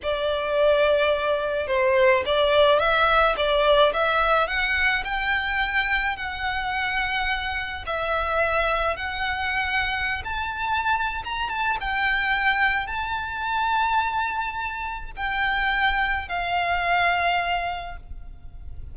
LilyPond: \new Staff \with { instrumentName = "violin" } { \time 4/4 \tempo 4 = 107 d''2. c''4 | d''4 e''4 d''4 e''4 | fis''4 g''2 fis''4~ | fis''2 e''2 |
fis''2~ fis''16 a''4.~ a''16 | ais''8 a''8 g''2 a''4~ | a''2. g''4~ | g''4 f''2. | }